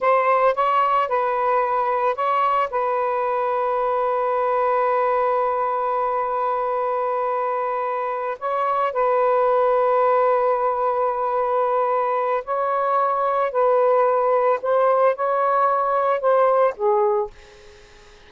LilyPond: \new Staff \with { instrumentName = "saxophone" } { \time 4/4 \tempo 4 = 111 c''4 cis''4 b'2 | cis''4 b'2.~ | b'1~ | b'2.~ b'8 cis''8~ |
cis''8 b'2.~ b'8~ | b'2. cis''4~ | cis''4 b'2 c''4 | cis''2 c''4 gis'4 | }